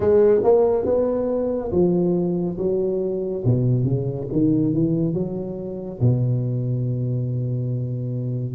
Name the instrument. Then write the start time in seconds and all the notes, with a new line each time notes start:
tuba
0.00 G#3
0.43 A#3
0.85 B3
1.71 F3
2.58 F#3
3.44 B2
3.84 C#3
4.31 D#3
4.73 E3
5.14 F#3
6.00 B2